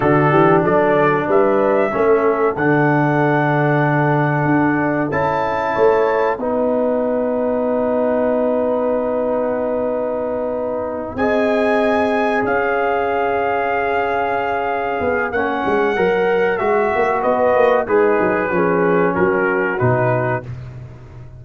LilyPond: <<
  \new Staff \with { instrumentName = "trumpet" } { \time 4/4 \tempo 4 = 94 a'4 d''4 e''2 | fis''1 | a''2 fis''2~ | fis''1~ |
fis''4. gis''2 f''8~ | f''1 | fis''2 e''4 dis''4 | b'2 ais'4 b'4 | }
  \new Staff \with { instrumentName = "horn" } { \time 4/4 fis'8 g'8 a'4 b'4 a'4~ | a'1~ | a'4 cis''4 b'2~ | b'1~ |
b'4. dis''2 cis''8~ | cis''1~ | cis''2. b'4 | dis'4 gis'4 fis'2 | }
  \new Staff \with { instrumentName = "trombone" } { \time 4/4 d'2. cis'4 | d'1 | e'2 dis'2~ | dis'1~ |
dis'4. gis'2~ gis'8~ | gis'1 | cis'4 ais'4 fis'2 | gis'4 cis'2 dis'4 | }
  \new Staff \with { instrumentName = "tuba" } { \time 4/4 d8 e8 fis4 g4 a4 | d2. d'4 | cis'4 a4 b2~ | b1~ |
b4. c'2 cis'8~ | cis'2.~ cis'8 b8 | ais8 gis8 fis4 gis8 ais8 b8 ais8 | gis8 fis8 f4 fis4 b,4 | }
>>